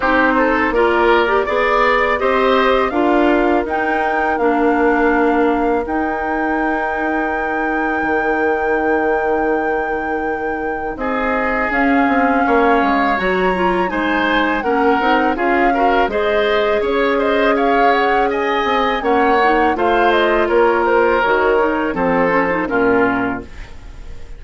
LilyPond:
<<
  \new Staff \with { instrumentName = "flute" } { \time 4/4 \tempo 4 = 82 c''4 d''2 dis''4 | f''4 g''4 f''2 | g''1~ | g''2. dis''4 |
f''2 ais''4 gis''4 | fis''4 f''4 dis''4 cis''8 dis''8 | f''8 fis''8 gis''4 fis''4 f''8 dis''8 | cis''8 c''8 cis''4 c''4 ais'4 | }
  \new Staff \with { instrumentName = "oboe" } { \time 4/4 g'8 a'8 ais'4 d''4 c''4 | ais'1~ | ais'1~ | ais'2. gis'4~ |
gis'4 cis''2 c''4 | ais'4 gis'8 ais'8 c''4 cis''8 c''8 | cis''4 dis''4 cis''4 c''4 | ais'2 a'4 f'4 | }
  \new Staff \with { instrumentName = "clarinet" } { \time 4/4 dis'4 f'8. g'16 gis'4 g'4 | f'4 dis'4 d'2 | dis'1~ | dis'1 |
cis'2 fis'8 f'8 dis'4 | cis'8 dis'8 f'8 fis'8 gis'2~ | gis'2 cis'8 dis'8 f'4~ | f'4 fis'8 dis'8 c'8 cis'16 dis'16 cis'4 | }
  \new Staff \with { instrumentName = "bassoon" } { \time 4/4 c'4 ais4 b4 c'4 | d'4 dis'4 ais2 | dis'2. dis4~ | dis2. c'4 |
cis'8 c'8 ais8 gis8 fis4 gis4 | ais8 c'8 cis'4 gis4 cis'4~ | cis'4. c'8 ais4 a4 | ais4 dis4 f4 ais,4 | }
>>